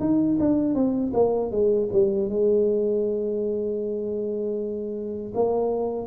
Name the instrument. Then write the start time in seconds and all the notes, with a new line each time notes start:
tuba
0.00 D#4
0.39 D4
0.74 C4
1.14 A#3
1.51 G#3
1.92 G3
2.29 G#3
5.34 A#3